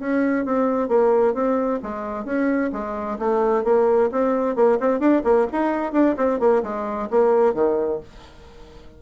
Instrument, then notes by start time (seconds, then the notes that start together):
bassoon
0.00 C#4
0.46 C4
0.89 A#3
1.34 C4
1.83 G#3
2.25 C#4
2.73 G#3
3.19 A3
3.65 A#3
4.12 C4
4.56 A#3
4.80 C4
5.00 D4
5.24 A#3
5.53 D#4
5.93 D4
6.17 C4
6.40 A#3
6.63 G#3
7.11 A#3
7.55 D#3